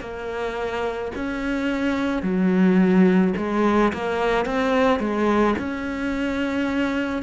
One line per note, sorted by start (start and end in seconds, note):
0.00 1.11 A#3
1.15 2.22 C#4
2.22 3.33 F#3
3.37 3.92 G#3
3.93 4.45 A#3
4.45 4.99 C4
4.99 5.55 G#3
5.58 7.22 C#4